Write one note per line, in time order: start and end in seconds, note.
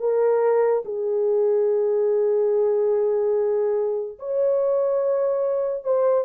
0.00 0.83 A#4
0.85 4.19 G#4
4.19 5.84 C#5
5.84 6.25 C5